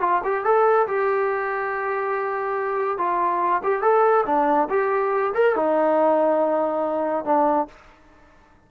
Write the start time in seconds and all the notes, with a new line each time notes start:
0.00 F4
0.24 G4
0.44 A4
0.87 G4
2.98 F4
3.63 G4
3.82 A4
4.26 D4
4.69 G4
5.34 A#4
5.55 D#4
7.25 D4